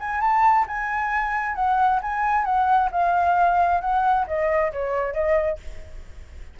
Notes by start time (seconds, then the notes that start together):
0.00 G#5
0.21 A5
0.68 G#5
1.55 F#5
2.02 G#5
2.45 F#5
2.92 F5
3.81 F#5
4.27 D#5
4.73 C#5
5.14 D#5